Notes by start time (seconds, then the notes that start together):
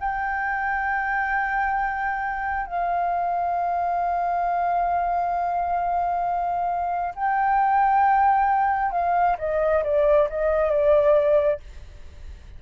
0.00 G5
2.66 F5
7.15 G5
8.91 F5
9.38 D#5
9.83 D5
10.29 D#5
10.70 D5